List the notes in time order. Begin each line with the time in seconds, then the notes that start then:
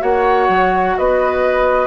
0.00 A#3 F#4 C#5 F#5
0.49 F#3
0.98 B3 B4 D#5